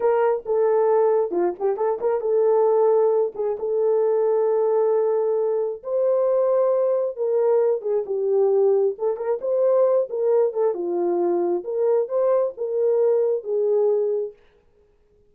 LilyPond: \new Staff \with { instrumentName = "horn" } { \time 4/4 \tempo 4 = 134 ais'4 a'2 f'8 g'8 | a'8 ais'8 a'2~ a'8 gis'8 | a'1~ | a'4 c''2. |
ais'4. gis'8 g'2 | a'8 ais'8 c''4. ais'4 a'8 | f'2 ais'4 c''4 | ais'2 gis'2 | }